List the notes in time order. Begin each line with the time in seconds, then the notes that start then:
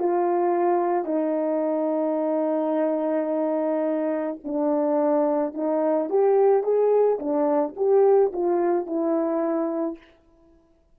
0.00 F4
1.06 D#4
4.44 D4
5.55 D#4
6.10 G4
6.64 G#4
7.20 D4
7.77 G4
8.33 F4
8.87 E4